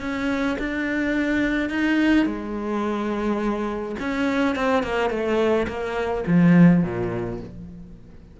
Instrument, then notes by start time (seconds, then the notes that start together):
cello
0.00 C#4
0.58 D4
1.70 D#4
2.25 G#3
3.99 C#4
4.55 C4
4.83 A#3
5.10 A3
5.67 A#3
6.27 F3
6.83 A#2